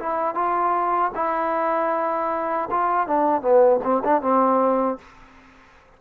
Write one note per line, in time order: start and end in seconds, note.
0.00 0.35 E4
0.35 1.12 F4
1.15 2.69 E4
2.71 3.07 F4
3.07 3.42 D4
3.42 3.80 B3
3.84 4.03 C4
4.05 4.22 D4
4.22 4.99 C4